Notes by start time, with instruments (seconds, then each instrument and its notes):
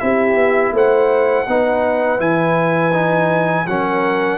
0.00 tuba C4, trombone E4, horn G4, trumpet E5
0.34 tuba B3
0.72 tuba A3, horn C5, trumpet F#5
1.48 tuba B3, trombone D#4, horn B4
2.19 tuba E3, trombone E4, trumpet G#5
2.93 trombone D#4
3.67 tuba F#3, trombone C#4, horn A#4, trumpet F#5